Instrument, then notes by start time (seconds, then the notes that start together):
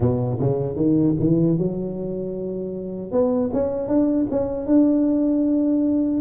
tuba
0.00 B2
0.39 C#3
0.75 D#3
1.19 E3
1.58 F#3
3.11 B3
3.53 C#4
3.87 D4
4.30 C#4
4.66 D4